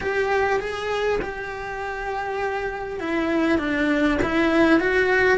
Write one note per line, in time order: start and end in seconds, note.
0.00 0.59 G4
0.59 1.19 G#4
1.21 2.99 G4
2.99 3.58 E4
3.58 4.18 D4
4.22 4.80 E4
4.80 5.38 F#4